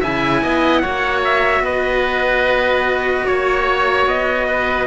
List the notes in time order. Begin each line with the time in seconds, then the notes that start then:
0.00 C#3 E4 E5 G#5
0.43 B3 D#5
0.79 F#4 C#5 F#5
0.85 A#3
1.24 E5
1.60 B3 B4 D#5
3.27 A#3 C#5
4.06 B3 D#5
4.48 B4